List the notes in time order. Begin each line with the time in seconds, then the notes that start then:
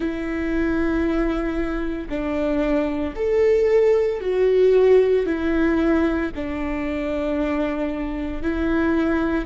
0.00 E4
2.09 D4
3.15 A4
4.20 F#4
5.25 E4
6.35 D4
8.42 E4